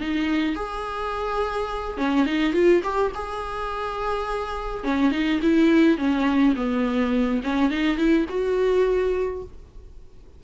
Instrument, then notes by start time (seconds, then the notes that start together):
viola
0.00 D#4
0.55 G#4
1.97 C#4
2.25 D#4
2.53 F4
2.83 G4
3.14 G#4
4.83 C#4
5.11 D#4
5.42 E4
5.98 C#4
6.56 B3
7.43 C#4
7.71 D#4
7.97 E4
8.29 F#4